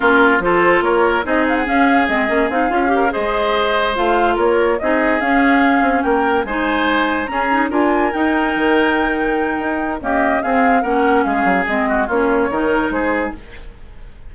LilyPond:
<<
  \new Staff \with { instrumentName = "flute" } { \time 4/4 \tempo 4 = 144 ais'4 c''4 cis''4 dis''8 f''16 fis''16 | f''4 dis''4 f''4. dis''8~ | dis''4. f''4 cis''4 dis''8~ | dis''8 f''2 g''4 gis''8~ |
gis''4. ais''4 gis''4 g''8~ | g''1 | dis''4 f''4 fis''4 f''4 | dis''4 cis''2 c''4 | }
  \new Staff \with { instrumentName = "oboe" } { \time 4/4 f'4 a'4 ais'4 gis'4~ | gis'2. ais'8 c''8~ | c''2~ c''8 ais'4 gis'8~ | gis'2~ gis'8 ais'4 c''8~ |
c''4. gis'4 ais'4.~ | ais'1 | g'4 gis'4 ais'4 gis'4~ | gis'8 fis'8 f'4 ais'4 gis'4 | }
  \new Staff \with { instrumentName = "clarinet" } { \time 4/4 cis'4 f'2 dis'4 | cis'4 c'8 cis'8 dis'8 f'8 g'8 gis'8~ | gis'4. f'2 dis'8~ | dis'8 cis'2. dis'8~ |
dis'4. cis'8 dis'8 f'4 dis'8~ | dis'1 | ais4 c'4 cis'2 | c'4 cis'4 dis'2 | }
  \new Staff \with { instrumentName = "bassoon" } { \time 4/4 ais4 f4 ais4 c'4 | cis'4 gis8 ais8 c'8 cis'4 gis8~ | gis4. a4 ais4 c'8~ | c'8 cis'4. c'8 ais4 gis8~ |
gis4. cis'4 d'4 dis'8~ | dis'8 dis2~ dis8 dis'4 | cis'4 c'4 ais4 gis8 fis8 | gis4 ais4 dis4 gis4 | }
>>